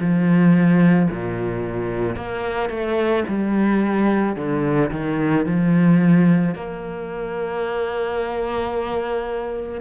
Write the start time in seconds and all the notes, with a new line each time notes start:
0.00 F3
1.11 A#2
2.16 A#3
2.70 A3
3.28 G3
4.36 D3
4.91 D#3
5.45 F3
6.55 A#3